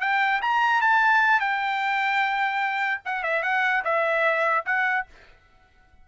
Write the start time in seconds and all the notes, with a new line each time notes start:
0.00 G5
0.41 A#5
0.81 A5
1.39 G5
3.05 F#5
3.23 E5
3.43 F#5
3.84 E5
4.65 F#5